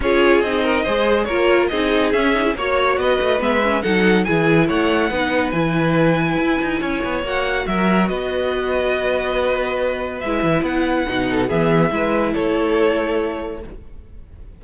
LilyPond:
<<
  \new Staff \with { instrumentName = "violin" } { \time 4/4 \tempo 4 = 141 cis''4 dis''2 cis''4 | dis''4 e''4 cis''4 dis''4 | e''4 fis''4 gis''4 fis''4~ | fis''4 gis''2.~ |
gis''4 fis''4 e''4 dis''4~ | dis''1 | e''4 fis''2 e''4~ | e''4 cis''2. | }
  \new Staff \with { instrumentName = "violin" } { \time 4/4 gis'4. ais'8 c''4 ais'4 | gis'2 cis''4 b'4~ | b'4 a'4 gis'4 cis''4 | b'1 |
cis''2 ais'4 b'4~ | b'1~ | b'2~ b'8 a'8 gis'4 | b'4 a'2. | }
  \new Staff \with { instrumentName = "viola" } { \time 4/4 f'4 dis'4 gis'4 f'4 | dis'4 cis'8 dis'16 e'16 fis'2 | b8 cis'8 dis'4 e'2 | dis'4 e'2.~ |
e'4 fis'2.~ | fis'1 | e'2 dis'4 b4 | e'1 | }
  \new Staff \with { instrumentName = "cello" } { \time 4/4 cis'4 c'4 gis4 ais4 | c'4 cis'4 ais4 b8 a8 | gis4 fis4 e4 a4 | b4 e2 e'8 dis'8 |
cis'8 b8 ais4 fis4 b4~ | b1 | gis8 e8 b4 b,4 e4 | gis4 a2. | }
>>